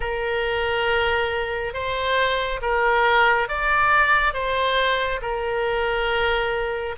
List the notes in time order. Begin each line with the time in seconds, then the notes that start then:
0.00 A#4
1.73 C5
2.61 A#4
3.48 D5
4.33 C5
5.21 A#4